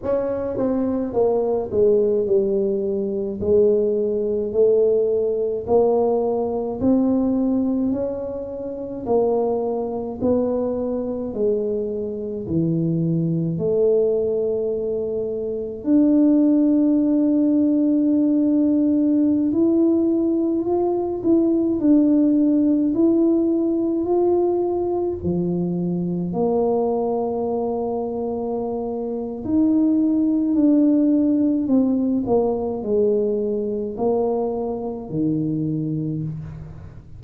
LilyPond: \new Staff \with { instrumentName = "tuba" } { \time 4/4 \tempo 4 = 53 cis'8 c'8 ais8 gis8 g4 gis4 | a4 ais4 c'4 cis'4 | ais4 b4 gis4 e4 | a2 d'2~ |
d'4~ d'16 e'4 f'8 e'8 d'8.~ | d'16 e'4 f'4 f4 ais8.~ | ais2 dis'4 d'4 | c'8 ais8 gis4 ais4 dis4 | }